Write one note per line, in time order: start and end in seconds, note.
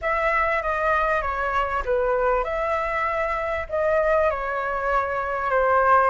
0.01 0.62 E5
0.62 1.21 D#5
1.21 1.83 C#5
1.85 2.44 B4
2.44 3.66 E5
3.69 4.30 D#5
4.30 5.50 C#5
5.50 6.10 C5